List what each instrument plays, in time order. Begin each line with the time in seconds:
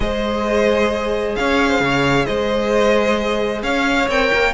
0.00 cello G#3, viola G#4, violin C5 D#5
1.35 cello C#4, violin C#5 F5
1.69 violin C5
1.80 cello C#3, violin C#5
2.25 cello G#3, violin C5 D#5
3.62 cello C#4, violin C#5 F5
4.08 cello C4, viola A#4, violin G5
4.32 cello A#3